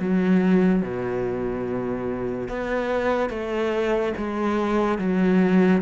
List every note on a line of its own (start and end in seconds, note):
0.00 0.83 F#3
0.83 2.48 B2
2.48 3.30 B3
3.30 4.13 A3
4.17 4.98 G#3
4.98 5.82 F#3